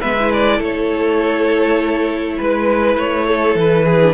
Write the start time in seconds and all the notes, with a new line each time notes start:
0.00 G#3 B3 B4 E5
0.19 E4
0.32 D5
0.57 A3 A4 C#5
2.37 G#3 B4
2.96 A3 C#5
3.28 A4
3.55 E3 B4
3.85 G#4
4.03 D4